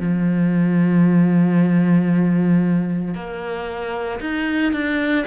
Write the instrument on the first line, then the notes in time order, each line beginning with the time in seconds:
cello
0.00 F3
3.15 A#3
4.20 D#4
4.73 D4